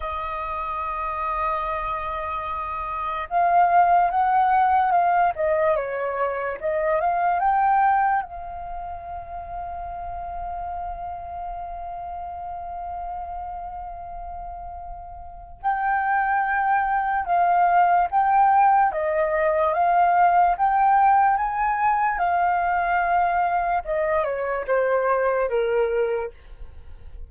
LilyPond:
\new Staff \with { instrumentName = "flute" } { \time 4/4 \tempo 4 = 73 dis''1 | f''4 fis''4 f''8 dis''8 cis''4 | dis''8 f''8 g''4 f''2~ | f''1~ |
f''2. g''4~ | g''4 f''4 g''4 dis''4 | f''4 g''4 gis''4 f''4~ | f''4 dis''8 cis''8 c''4 ais'4 | }